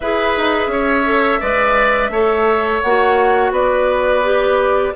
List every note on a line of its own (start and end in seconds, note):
0.00 0.36 E4
0.00 1.05 G#4
0.00 0.71 B4
0.00 2.81 E5
0.37 0.67 D#4
0.67 1.37 C#4
0.67 1.40 C#5
1.05 1.41 A4
1.40 2.10 G#3
1.40 2.12 B4
1.40 2.10 D5
2.10 2.80 A3
2.10 2.83 A4
2.10 3.52 C#5
2.81 3.51 A#3
2.81 4.23 F#4
2.81 3.51 F#5
3.51 4.92 B3
3.51 4.93 B4
3.51 4.95 D5
4.23 4.93 G4